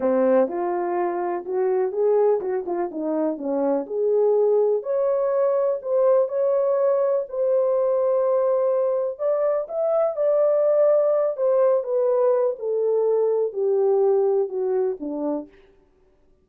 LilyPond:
\new Staff \with { instrumentName = "horn" } { \time 4/4 \tempo 4 = 124 c'4 f'2 fis'4 | gis'4 fis'8 f'8 dis'4 cis'4 | gis'2 cis''2 | c''4 cis''2 c''4~ |
c''2. d''4 | e''4 d''2~ d''8 c''8~ | c''8 b'4. a'2 | g'2 fis'4 d'4 | }